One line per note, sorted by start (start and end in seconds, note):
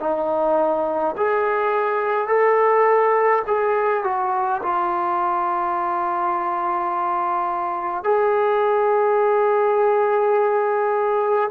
0.00 1.15 D#4
1.17 2.27 G#4
2.27 3.42 A4
3.47 4.04 G#4
4.04 4.62 F#4
4.63 8.03 F4
8.03 11.50 G#4